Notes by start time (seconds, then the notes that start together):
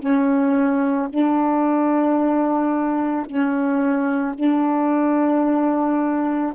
0.00 C#4
1.10 D4
3.26 C#4
4.35 D4